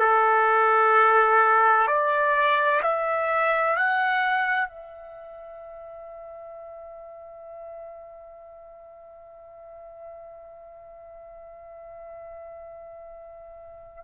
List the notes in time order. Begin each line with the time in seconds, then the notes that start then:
0.00 A4
1.87 D5
2.83 E5
3.76 F#5
4.69 E5